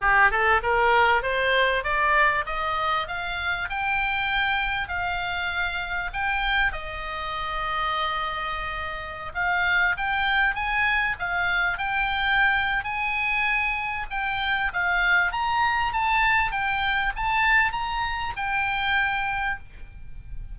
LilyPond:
\new Staff \with { instrumentName = "oboe" } { \time 4/4 \tempo 4 = 98 g'8 a'8 ais'4 c''4 d''4 | dis''4 f''4 g''2 | f''2 g''4 dis''4~ | dis''2.~ dis''16 f''8.~ |
f''16 g''4 gis''4 f''4 g''8.~ | g''4 gis''2 g''4 | f''4 ais''4 a''4 g''4 | a''4 ais''4 g''2 | }